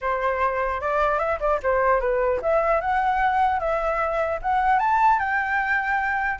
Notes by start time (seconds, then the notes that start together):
0.01 C5
0.80 D5
1.18 E5
1.39 D5
1.62 C5
2.00 B4
2.41 E5
2.80 F#5
3.59 E5
4.41 F#5
4.79 A5
5.19 G5